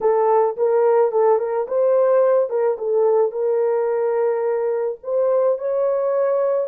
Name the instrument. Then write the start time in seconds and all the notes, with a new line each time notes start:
horn
0.01 A4
0.56 A#4
1.11 A4
1.38 A#4
1.67 C5
2.49 A#4
2.78 A4
3.31 A#4
5.03 C5
5.58 C#5